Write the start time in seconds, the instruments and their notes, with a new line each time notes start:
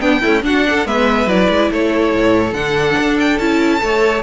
0.00 viola B3, cello B3, violin D4 G5
0.21 viola A3, cello C#4, violin E4
0.43 cello D4, viola D4, violin F#4 F#5
0.70 violin A4
0.85 cello G#3, viola B3, violin B4 E5
1.26 cello F#3, viola E4, violin D5
1.49 cello G#3
1.71 cello A3, violin A4 C#5
2.14 cello A2
2.53 cello D3, viola D4, violin F#5
2.99 cello D4
3.20 violin G5
3.38 cello C#4, viola E4, violin A5
3.79 cello A3, viola A4, violin C#5